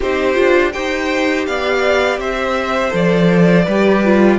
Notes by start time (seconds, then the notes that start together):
0.00 C4 D#4 G4 C5
0.34 D4 F4
0.72 D#4 G4 C5 G5
1.46 B3 D5 F5
2.18 C4 C5 E5
2.90 F3 A4 D5
3.64 G3 G4 B4
4.04 F4